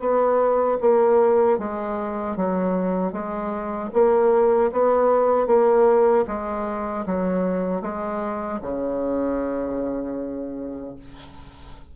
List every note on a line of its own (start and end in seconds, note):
0.00 0.78 B3
0.81 1.59 A#3
1.59 2.37 G#3
2.37 3.12 F#3
3.12 3.90 G#3
3.94 4.71 A#3
4.72 5.47 B3
5.47 6.25 A#3
6.27 7.05 G#3
7.06 7.82 F#3
7.82 8.60 G#3
8.62 10.96 C#3